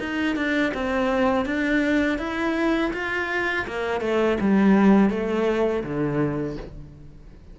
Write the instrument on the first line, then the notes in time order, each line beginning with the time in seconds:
cello
0.00 D#4
0.36 D4
0.74 C4
1.46 D4
2.19 E4
2.94 F4
3.68 A#3
4.01 A3
4.41 G3
5.10 A3
5.84 D3